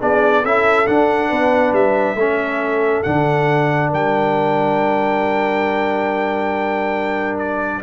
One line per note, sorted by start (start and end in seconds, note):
0.00 0.44 B3
0.00 0.43 D4
0.00 0.42 G#4
0.00 0.45 D5
0.42 0.88 C#4
0.42 0.86 E4
0.42 1.29 A4
0.42 0.87 E5
0.86 2.16 D4
0.86 1.31 D4
0.86 1.74 F#5
1.29 1.73 B3
1.29 2.16 B4
1.73 2.15 G3
1.73 3.03 E5
2.15 3.02 A3
2.15 3.05 C#4
2.15 3.88 A4
3.03 3.93 D3
3.03 7.83 D4
3.03 3.90 F#5
3.88 7.83 G3
3.88 7.80 A#4
3.88 7.38 G5
7.38 7.82 D5